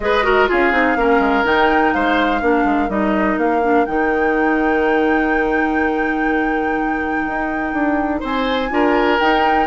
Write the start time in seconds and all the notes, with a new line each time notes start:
0.00 G#3 G#4 B4 D#5
0.23 F#4 A#4
0.47 C#4 F4 G#4 F5
0.72 C4 D#4
0.95 A#3 C#4 A#4
1.19 G#3
1.44 D#3 D#4 G5
1.93 G#3 C5 F5
2.41 A#3 D4 A#4
2.64 G#3
2.89 G3 D#4 D#5
3.37 A#3 F5
3.62 D4
3.85 D#3 D#4 G5
7.27 D#4
7.73 D4
8.19 C4 C5 G#5
8.70 D4 F4 A#4
9.19 D#4 G5